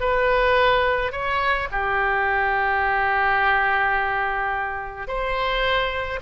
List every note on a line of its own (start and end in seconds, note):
0.00 1.12 B4
1.12 1.68 C#5
1.71 5.07 G4
5.07 6.19 C5